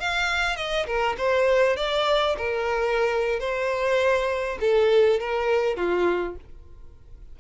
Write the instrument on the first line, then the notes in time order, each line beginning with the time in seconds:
violin
0.00 F5
0.57 D#5
0.87 A#4
1.18 C5
1.77 D5
2.38 A#4
3.40 C5
4.61 A4
5.20 A#4
5.77 F4